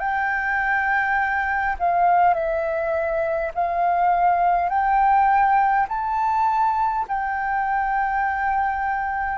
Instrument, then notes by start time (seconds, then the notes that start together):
flute
0.00 G5
1.80 F5
2.35 E5
3.55 F5
4.70 G5
5.89 A5
7.09 G5